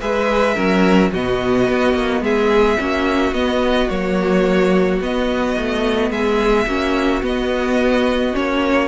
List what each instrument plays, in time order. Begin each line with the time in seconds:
0.00 cello G#3, viola G#4, violin B4 E5
0.54 cello F#3, viola C#4, violin A#4
1.11 cello B2, viola B3, violin F#4 D#5
1.67 cello B3
1.93 cello A#3
2.21 cello G#3, violin G#4 E5
2.78 cello A#3, viola C#4, violin F#4
3.31 cello B3, viola B3, violin D#5
3.89 cello F#3, viola A#3, violin C#5
5.00 cello B3, viola B3, violin D#5
5.57 cello A3
6.10 cello G#3, violin G#4 E5
6.66 cello A#3, viola C#4, violin F#4
7.22 viola B3, cello B3, violin D#5
8.33 cello A#3, viola C#4, violin C#5